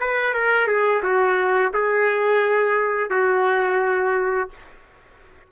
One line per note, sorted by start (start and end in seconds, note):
0.00 0.33 B4
0.33 0.67 A#4
0.67 1.02 G#4
1.03 1.73 F#4
1.73 3.10 G#4
3.10 4.50 F#4